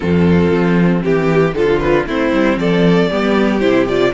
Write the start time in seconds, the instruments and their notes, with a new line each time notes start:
0.00 cello F2, viola C4, violin F4 A4
0.50 cello F3
1.03 cello E3, violin G4
1.54 cello D3, viola F3, violin F4 A4
1.80 violin B4
2.06 cello A3, viola C4, violin E4 C5
2.32 cello G3
2.56 cello F3, violin A4 D5
3.10 cello G3, viola B3, violin G4
3.59 cello C3, viola E4, violin C5
3.88 viola F4, violin D5